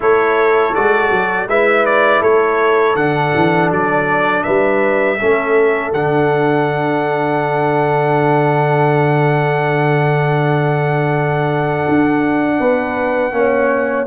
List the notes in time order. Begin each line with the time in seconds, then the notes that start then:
0.00 A3 E4 A4 C#5
0.74 G#3 F#4 D5
1.10 F#3
1.47 G#3 E4 B4 E5
1.85 D5
2.21 A3 A4 C#5
2.95 D3 D4 F#5
3.34 E3
3.70 F#3 D5
4.43 G3 B4 E5
5.19 A3 C#4 A4
5.93 D3 D4 F#5
11.88 D4
12.58 B3 B4
13.31 A#3 C#4 C#5